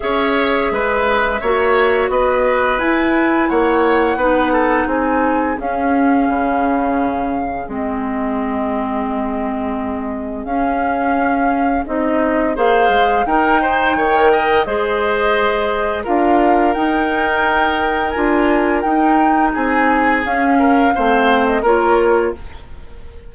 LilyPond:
<<
  \new Staff \with { instrumentName = "flute" } { \time 4/4 \tempo 4 = 86 e''2. dis''4 | gis''4 fis''2 gis''4 | f''2. dis''4~ | dis''2. f''4~ |
f''4 dis''4 f''4 g''4~ | g''4 dis''2 f''4 | g''2 gis''4 g''4 | gis''4 f''4.~ f''16 dis''16 cis''4 | }
  \new Staff \with { instrumentName = "oboe" } { \time 4/4 cis''4 b'4 cis''4 b'4~ | b'4 cis''4 b'8 a'8 gis'4~ | gis'1~ | gis'1~ |
gis'2 c''4 ais'8 c''8 | cis''8 dis''8 c''2 ais'4~ | ais'1 | gis'4. ais'8 c''4 ais'4 | }
  \new Staff \with { instrumentName = "clarinet" } { \time 4/4 gis'2 fis'2 | e'2 dis'2 | cis'2. c'4~ | c'2. cis'4~ |
cis'4 dis'4 gis'4 dis'4~ | dis'16 ais'8. gis'2 f'4 | dis'2 f'4 dis'4~ | dis'4 cis'4 c'4 f'4 | }
  \new Staff \with { instrumentName = "bassoon" } { \time 4/4 cis'4 gis4 ais4 b4 | e'4 ais4 b4 c'4 | cis'4 cis2 gis4~ | gis2. cis'4~ |
cis'4 c'4 ais8 gis8 dis'4 | dis4 gis2 d'4 | dis'2 d'4 dis'4 | c'4 cis'4 a4 ais4 | }
>>